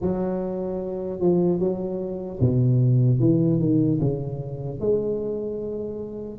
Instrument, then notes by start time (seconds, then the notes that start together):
tuba
0.01 F#3
1.19 F3
1.59 F#3
2.40 B2
3.19 E3
3.59 D#3
4.00 C#3
4.80 G#3